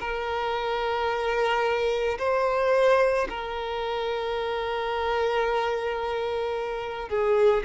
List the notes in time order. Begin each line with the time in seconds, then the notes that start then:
0.00 A#4
2.18 C5
3.29 A#4
7.09 G#4